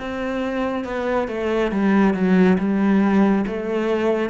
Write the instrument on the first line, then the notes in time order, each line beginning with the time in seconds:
cello
0.00 C4
0.85 B3
1.28 A3
1.72 G3
2.14 F#3
2.58 G3
3.47 A3